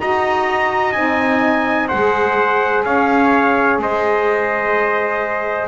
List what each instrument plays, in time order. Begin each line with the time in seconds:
0.00 double bass D#4, saxophone F#4, trumpet D#5 A#5
0.92 double bass C4, saxophone D#4, trumpet G#5
1.88 double bass G#3, saxophone G#4, trumpet C5 F#5
2.85 double bass C#4, trumpet C#5 F5
3.78 double bass G#3, trumpet C5 D#5